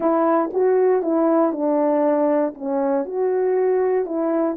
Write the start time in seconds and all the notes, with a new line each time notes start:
0.00 E4
0.53 F#4
1.02 E4
1.52 D4
2.54 C#4
3.05 F#4
4.05 E4